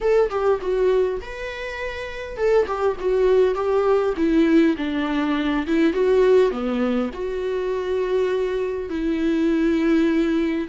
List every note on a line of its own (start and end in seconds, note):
0.01 0.30 A4
0.30 0.59 G4
0.61 1.20 F#4
1.21 2.36 B4
2.36 2.66 A4
2.67 2.96 G4
2.99 3.54 F#4
3.54 4.14 G4
4.16 4.76 E4
4.77 5.66 D4
5.67 5.93 E4
5.93 6.50 F#4
6.50 7.10 B3
7.13 8.89 F#4
8.89 10.68 E4